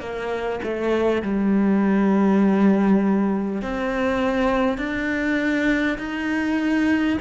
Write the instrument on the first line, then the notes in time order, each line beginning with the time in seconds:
cello
0.00 A#3
0.63 A3
1.22 G3
3.62 C4
4.78 D4
5.98 D#4